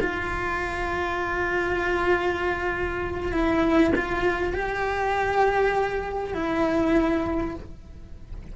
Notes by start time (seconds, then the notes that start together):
0.00 F4
3.32 E4
3.95 F4
4.53 G4
6.34 E4